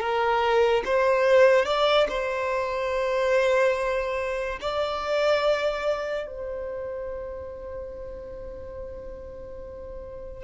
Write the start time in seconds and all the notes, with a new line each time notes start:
0.00 A#4
0.85 C5
1.66 D5
2.09 C5
4.61 D5
6.27 C5